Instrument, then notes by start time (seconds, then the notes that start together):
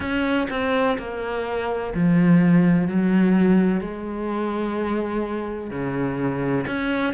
cello
0.00 C#4
0.50 C4
0.98 A#3
1.94 F3
2.87 F#3
3.81 G#3
5.70 C#3
6.66 C#4